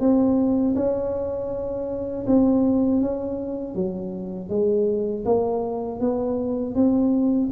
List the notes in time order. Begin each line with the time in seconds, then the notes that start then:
0.00 C4
0.75 C#4
2.27 C4
3.01 C#4
3.75 F#3
4.49 G#3
5.25 A#3
6.00 B3
6.75 C4